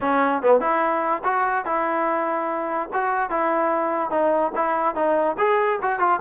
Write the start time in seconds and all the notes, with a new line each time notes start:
0.01 C#4
0.42 B3
0.60 E4
1.24 F#4
1.65 E4
2.93 F#4
3.30 E4
4.10 D#4
4.55 E4
4.95 D#4
5.38 G#4
5.82 F#4
5.99 F4